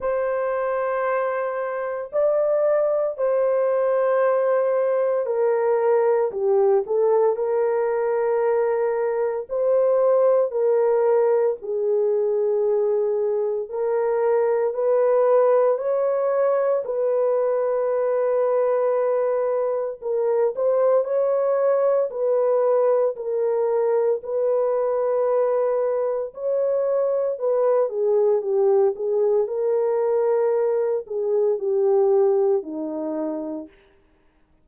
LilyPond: \new Staff \with { instrumentName = "horn" } { \time 4/4 \tempo 4 = 57 c''2 d''4 c''4~ | c''4 ais'4 g'8 a'8 ais'4~ | ais'4 c''4 ais'4 gis'4~ | gis'4 ais'4 b'4 cis''4 |
b'2. ais'8 c''8 | cis''4 b'4 ais'4 b'4~ | b'4 cis''4 b'8 gis'8 g'8 gis'8 | ais'4. gis'8 g'4 dis'4 | }